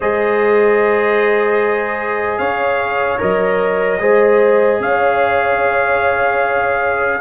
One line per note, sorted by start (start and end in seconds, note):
0.00 2.38 G#3
0.00 3.18 G#4
0.00 2.39 C5
0.00 2.38 D#5
2.38 3.18 C#4
2.38 3.99 C#5
2.38 3.18 F5
3.18 3.99 F#3
3.18 3.98 A#4
3.18 4.81 D#5
3.99 4.79 G#3
3.99 7.19 G#4
3.99 4.80 C5
4.79 7.19 C#4
4.79 7.21 C#5
4.79 7.21 F5